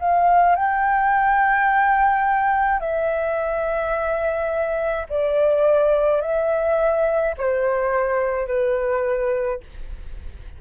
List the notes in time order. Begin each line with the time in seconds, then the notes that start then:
0.00 F5
0.56 G5
2.80 E5
5.09 D5
6.22 E5
7.38 C5
8.48 B4